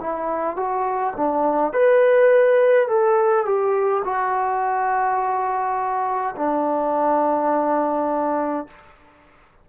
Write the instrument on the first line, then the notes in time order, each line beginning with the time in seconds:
trombone
0.00 E4
0.56 F#4
1.16 D4
1.73 B4
2.88 A4
3.45 G4
4.04 F#4
6.36 D4